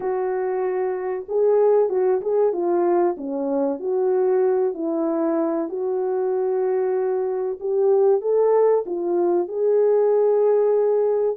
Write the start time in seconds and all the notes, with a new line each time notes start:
0.00 F#4
1.28 G#4
1.89 F#4
2.21 G#4
2.53 F4
3.17 C#4
3.79 F#4
4.74 E4
5.68 F#4
7.60 G4
8.21 A4
8.86 F4
9.48 G#4